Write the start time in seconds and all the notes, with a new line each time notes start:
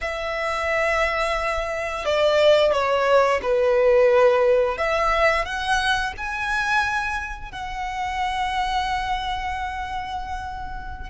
0.01 E5
2.05 D5
2.72 C#5
3.42 B4
4.77 E5
5.45 F#5
6.17 G#5
7.51 F#5